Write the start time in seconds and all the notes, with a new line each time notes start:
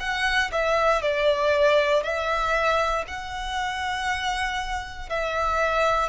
0.00 F#5
0.52 E5
1.02 D5
2.03 E5
3.07 F#5
5.09 E5